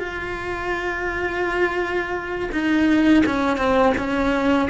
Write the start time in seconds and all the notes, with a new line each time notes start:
0.00 F4
2.53 D#4
3.26 C#4
3.57 C4
3.98 C#4